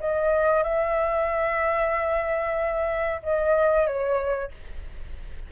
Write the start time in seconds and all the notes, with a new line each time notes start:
0.00 D#5
0.63 E5
3.23 D#5
3.87 C#5